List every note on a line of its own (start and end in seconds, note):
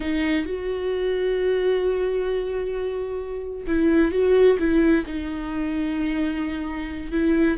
0.00 0.45 D#4
0.45 3.66 F#4
3.66 4.11 E4
4.11 4.57 F#4
4.59 5.04 E4
5.06 7.11 D#4
7.11 7.57 E4